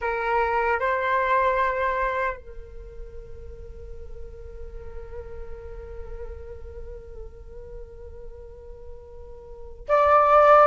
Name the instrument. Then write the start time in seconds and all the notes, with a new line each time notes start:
flute
0.01 A#4
0.79 C5
2.36 A#4
9.88 D5